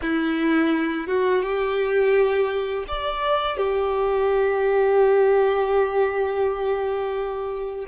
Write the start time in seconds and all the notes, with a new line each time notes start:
0.02 E4
1.07 F#4
1.42 G4
2.87 D5
3.57 G4